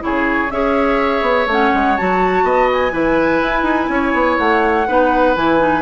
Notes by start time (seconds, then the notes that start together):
0.00 C#3 E4 G#4 C#5
0.51 C#4 G#4 C#5 E5
1.21 B3
1.46 A3 C#4 F#5
1.74 G#3
1.97 F#3 F#4 A5
2.43 B3 D#5
2.73 G#5
2.92 E3 E4 B4
3.41 E4
3.62 D#4
3.89 C#4 C#5
4.14 B3
4.38 A3 F#5
4.88 B3 D#4 B4
5.36 E3 E4 G#5
5.59 D#4